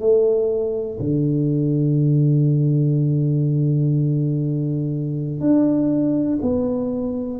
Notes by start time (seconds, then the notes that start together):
0.00 A3
1.00 D3
5.41 D4
6.42 B3